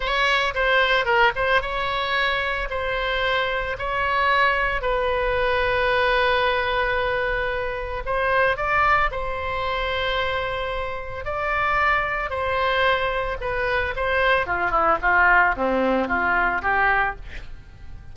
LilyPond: \new Staff \with { instrumentName = "oboe" } { \time 4/4 \tempo 4 = 112 cis''4 c''4 ais'8 c''8 cis''4~ | cis''4 c''2 cis''4~ | cis''4 b'2.~ | b'2. c''4 |
d''4 c''2.~ | c''4 d''2 c''4~ | c''4 b'4 c''4 f'8 e'8 | f'4 c'4 f'4 g'4 | }